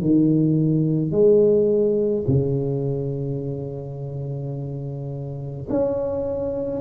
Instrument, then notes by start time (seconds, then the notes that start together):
tuba
0.00 D#3
1.11 G#3
2.27 C#3
5.69 C#4